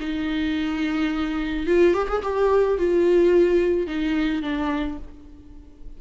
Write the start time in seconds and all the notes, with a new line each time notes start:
0.00 D#4
1.67 F4
1.94 G4
2.08 G#4
2.22 G4
2.78 F4
3.87 D#4
4.42 D4